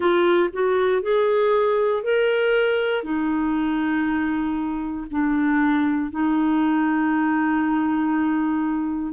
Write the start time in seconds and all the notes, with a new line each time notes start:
0.00 F4
0.52 F#4
1.02 G#4
2.03 A#4
3.03 D#4
5.10 D4
6.10 D#4